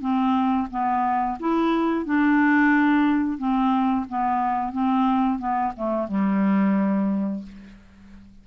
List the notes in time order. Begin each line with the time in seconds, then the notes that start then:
0.00 C4
0.70 B3
1.39 E4
2.05 D4
3.38 C4
4.08 B3
4.72 C4
5.38 B3
5.76 A3
6.08 G3